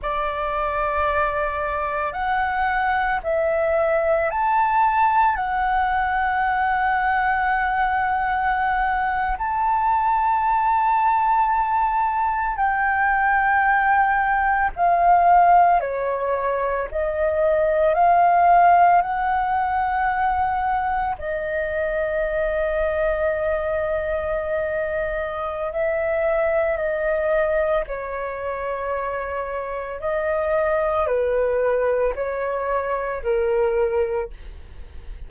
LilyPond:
\new Staff \with { instrumentName = "flute" } { \time 4/4 \tempo 4 = 56 d''2 fis''4 e''4 | a''4 fis''2.~ | fis''8. a''2. g''16~ | g''4.~ g''16 f''4 cis''4 dis''16~ |
dis''8. f''4 fis''2 dis''16~ | dis''1 | e''4 dis''4 cis''2 | dis''4 b'4 cis''4 ais'4 | }